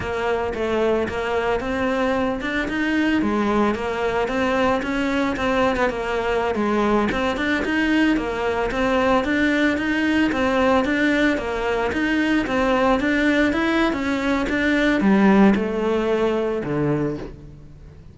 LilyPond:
\new Staff \with { instrumentName = "cello" } { \time 4/4 \tempo 4 = 112 ais4 a4 ais4 c'4~ | c'8 d'8 dis'4 gis4 ais4 | c'4 cis'4 c'8. b16 ais4~ | ais16 gis4 c'8 d'8 dis'4 ais8.~ |
ais16 c'4 d'4 dis'4 c'8.~ | c'16 d'4 ais4 dis'4 c'8.~ | c'16 d'4 e'8. cis'4 d'4 | g4 a2 d4 | }